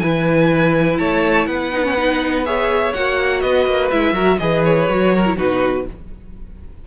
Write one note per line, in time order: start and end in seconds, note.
0.00 0.99 E3
0.00 1.73 E4
0.00 1.00 B4
0.00 0.98 G#5
0.98 1.46 A3
0.98 1.49 C#5
0.98 1.47 A5
1.46 2.93 B3
1.46 2.46 B4
1.46 2.45 F#5
1.73 1.84 D#4
1.84 1.96 C#4
1.97 2.45 D#4
2.45 2.94 G#4
2.45 3.43 C#5
2.45 2.94 E5
2.94 3.44 A#3
2.94 3.92 F#4
2.94 3.41 F#5
3.41 3.66 B3
3.41 4.14 B4
3.41 3.90 D#5
3.66 3.91 A#3
3.91 4.13 G#3
3.91 4.14 E4
3.91 4.39 E5
4.13 4.37 F#3
4.13 4.38 F#4
4.13 4.38 A#4
4.39 4.89 E3
4.39 4.89 G#4
4.39 5.15 B4
4.39 4.63 D#5
4.65 5.38 C#5
4.89 5.38 F#3
4.89 5.25 F#4
5.15 5.37 A#4
5.26 5.37 E4
5.37 5.87 B2
5.37 5.86 D#4
5.37 5.86 F#4
5.37 5.87 B4